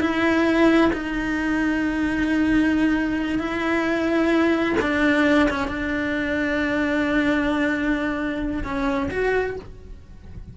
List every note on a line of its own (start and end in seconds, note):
0.00 0.91 E4
0.93 3.39 D#4
3.39 4.75 E4
4.81 5.49 D4
5.50 5.68 C#4
5.68 8.63 D4
8.64 9.09 C#4
9.10 9.56 F#4